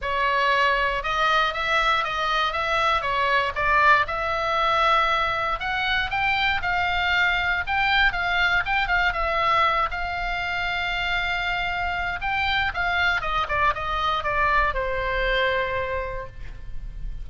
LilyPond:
\new Staff \with { instrumentName = "oboe" } { \time 4/4 \tempo 4 = 118 cis''2 dis''4 e''4 | dis''4 e''4 cis''4 d''4 | e''2. fis''4 | g''4 f''2 g''4 |
f''4 g''8 f''8 e''4. f''8~ | f''1 | g''4 f''4 dis''8 d''8 dis''4 | d''4 c''2. | }